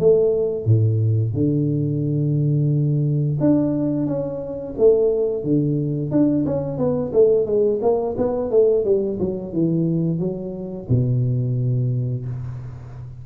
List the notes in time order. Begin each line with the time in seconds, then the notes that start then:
0.00 A3
0.66 A2
1.34 D3
3.41 D4
4.07 C#4
4.78 A3
5.44 D3
6.11 D4
6.46 C#4
6.78 B3
7.13 A3
7.46 G#3
7.83 A#3
8.18 B3
8.51 A3
8.85 G3
9.20 F#3
9.53 E3
10.19 F#3
10.89 B2